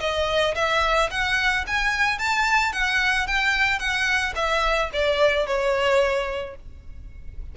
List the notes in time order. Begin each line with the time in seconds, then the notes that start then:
0.00 D#5
0.55 E5
1.11 F#5
1.67 G#5
2.18 A5
2.73 F#5
3.27 G5
3.79 F#5
4.35 E5
4.93 D5
5.46 C#5